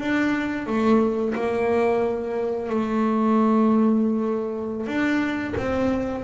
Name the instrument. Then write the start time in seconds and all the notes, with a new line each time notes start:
double bass
0.00 D4
0.66 A3
1.35 A#3
2.69 A3
4.87 D4
5.57 C4